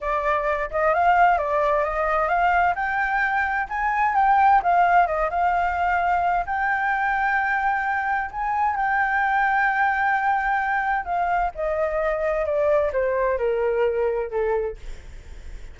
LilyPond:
\new Staff \with { instrumentName = "flute" } { \time 4/4 \tempo 4 = 130 d''4. dis''8 f''4 d''4 | dis''4 f''4 g''2 | gis''4 g''4 f''4 dis''8 f''8~ | f''2 g''2~ |
g''2 gis''4 g''4~ | g''1 | f''4 dis''2 d''4 | c''4 ais'2 a'4 | }